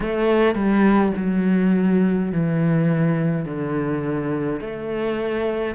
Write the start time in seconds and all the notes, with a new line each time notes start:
0.00 A3
0.55 G3
1.16 F#3
2.31 E3
3.45 D3
4.60 A3